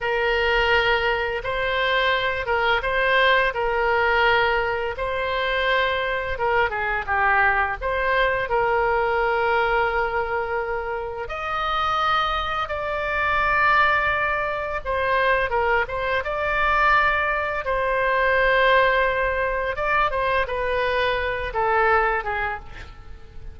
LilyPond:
\new Staff \with { instrumentName = "oboe" } { \time 4/4 \tempo 4 = 85 ais'2 c''4. ais'8 | c''4 ais'2 c''4~ | c''4 ais'8 gis'8 g'4 c''4 | ais'1 |
dis''2 d''2~ | d''4 c''4 ais'8 c''8 d''4~ | d''4 c''2. | d''8 c''8 b'4. a'4 gis'8 | }